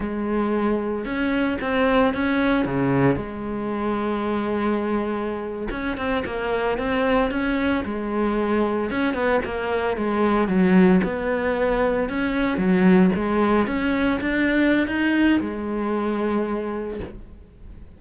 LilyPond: \new Staff \with { instrumentName = "cello" } { \time 4/4 \tempo 4 = 113 gis2 cis'4 c'4 | cis'4 cis4 gis2~ | gis2~ gis8. cis'8 c'8 ais16~ | ais8. c'4 cis'4 gis4~ gis16~ |
gis8. cis'8 b8 ais4 gis4 fis16~ | fis8. b2 cis'4 fis16~ | fis8. gis4 cis'4 d'4~ d'16 | dis'4 gis2. | }